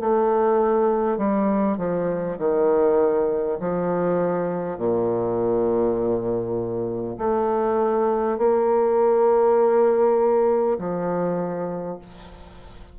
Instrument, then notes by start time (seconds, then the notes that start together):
bassoon
0.00 A3
1.18 G3
1.78 F3
2.38 D#3
3.60 F3
4.77 A#2
7.18 A3
8.38 A#3
10.78 F3